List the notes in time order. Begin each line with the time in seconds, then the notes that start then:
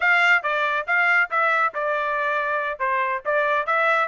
0.00 F5
0.42 D5
0.86 F5
1.30 E5
1.74 D5
2.79 C5
3.25 D5
3.66 E5